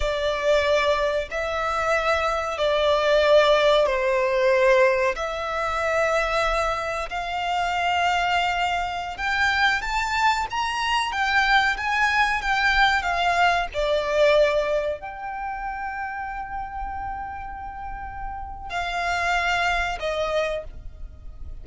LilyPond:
\new Staff \with { instrumentName = "violin" } { \time 4/4 \tempo 4 = 93 d''2 e''2 | d''2 c''2 | e''2. f''4~ | f''2~ f''16 g''4 a''8.~ |
a''16 ais''4 g''4 gis''4 g''8.~ | g''16 f''4 d''2 g''8.~ | g''1~ | g''4 f''2 dis''4 | }